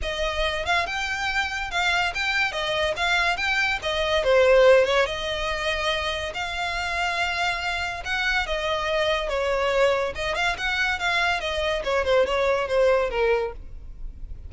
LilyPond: \new Staff \with { instrumentName = "violin" } { \time 4/4 \tempo 4 = 142 dis''4. f''8 g''2 | f''4 g''4 dis''4 f''4 | g''4 dis''4 c''4. cis''8 | dis''2. f''4~ |
f''2. fis''4 | dis''2 cis''2 | dis''8 f''8 fis''4 f''4 dis''4 | cis''8 c''8 cis''4 c''4 ais'4 | }